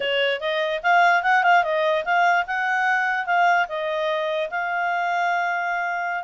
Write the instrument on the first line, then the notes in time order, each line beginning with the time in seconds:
clarinet
0.00 C#5
0.40 D#5
0.83 F5
1.22 F#5
1.43 F5
1.63 D#5
2.04 F5
2.46 F#5
3.26 F5
3.68 D#5
4.50 F5